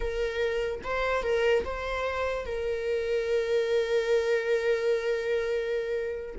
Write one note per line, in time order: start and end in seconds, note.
0.00 0.81 A#4
0.83 1.23 C5
1.23 1.64 A#4
1.64 2.45 C5
2.45 6.35 A#4